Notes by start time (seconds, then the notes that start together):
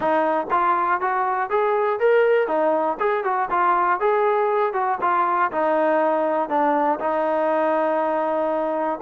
0.00 D#4
0.50 F4
1.00 F#4
1.50 G#4
1.99 A#4
2.47 D#4
2.99 G#4
3.24 F#4
3.50 F4
4.00 G#4
4.73 F#4
5.01 F4
5.51 D#4
6.49 D4
6.99 D#4